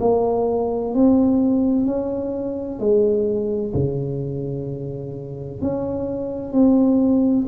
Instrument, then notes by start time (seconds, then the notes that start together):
tuba
0.00 A#3
0.94 C4
1.85 C#4
2.79 G#3
3.74 C#3
5.61 C#4
6.52 C4